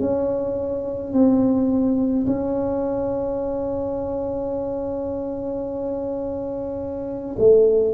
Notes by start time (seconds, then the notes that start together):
0.00 C#4
1.13 C4
2.27 C#4
7.39 A3